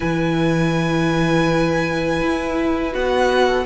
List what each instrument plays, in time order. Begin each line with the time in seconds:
0.00 cello E3, viola E4, violin B4 G#5
2.21 cello E4
2.92 cello B3, viola F#4, violin F#5
3.46 violin A4